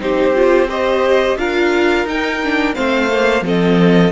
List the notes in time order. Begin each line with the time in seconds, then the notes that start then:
0.00 C4 D#4 G4 C5
0.35 F4
0.69 G4 C5 D#5
1.36 D4 F4 A#4 F5
2.05 D#4 G5
2.44 D4
2.75 A3 C4 C5 F5
3.11 A#3
3.42 F3 C4 A4 D#5